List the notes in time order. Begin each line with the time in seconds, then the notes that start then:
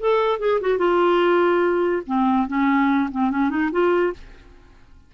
0.00 A4
0.39 G#4
0.61 F#4
0.78 F4
2.07 C4
2.48 C#4
3.11 C4
3.31 C#4
3.50 D#4
3.72 F4